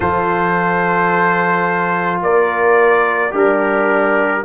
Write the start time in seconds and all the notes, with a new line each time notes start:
0.00 F3 F4 A4 C5
2.21 A#3 A#4 D5
3.31 G3 D4 G4 A#4